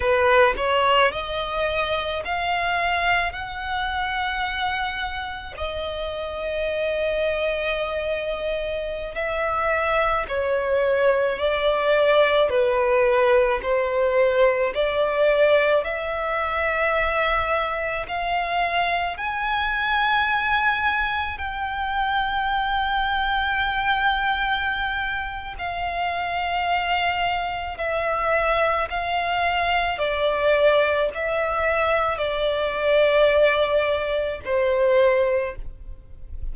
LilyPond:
\new Staff \with { instrumentName = "violin" } { \time 4/4 \tempo 4 = 54 b'8 cis''8 dis''4 f''4 fis''4~ | fis''4 dis''2.~ | dis''16 e''4 cis''4 d''4 b'8.~ | b'16 c''4 d''4 e''4.~ e''16~ |
e''16 f''4 gis''2 g''8.~ | g''2. f''4~ | f''4 e''4 f''4 d''4 | e''4 d''2 c''4 | }